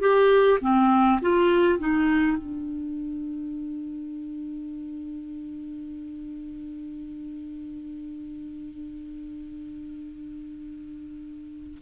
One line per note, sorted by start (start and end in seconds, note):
0.00 0.59 G4
0.61 1.20 C4
1.21 1.79 F4
1.79 2.37 D#4
2.37 11.78 D4